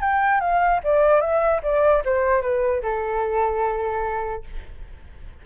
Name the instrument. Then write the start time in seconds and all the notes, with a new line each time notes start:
flute
0.00 G5
0.40 F5
0.83 D5
1.20 E5
1.62 D5
2.04 C5
2.41 B4
2.82 A4